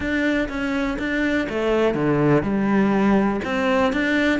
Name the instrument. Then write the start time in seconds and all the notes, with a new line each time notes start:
cello
0.00 D4
0.49 C#4
0.98 D4
1.49 A3
1.94 D3
2.42 G3
3.44 C4
3.93 D4